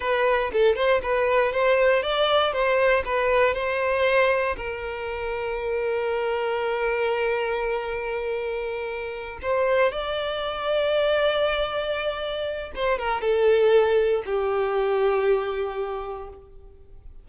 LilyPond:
\new Staff \with { instrumentName = "violin" } { \time 4/4 \tempo 4 = 118 b'4 a'8 c''8 b'4 c''4 | d''4 c''4 b'4 c''4~ | c''4 ais'2.~ | ais'1~ |
ais'2~ ais'8 c''4 d''8~ | d''1~ | d''4 c''8 ais'8 a'2 | g'1 | }